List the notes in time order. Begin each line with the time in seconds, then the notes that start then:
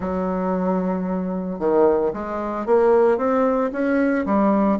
0.00 F#3
1.59 D#3
2.13 G#3
2.66 A#3
3.17 C4
3.72 C#4
4.25 G3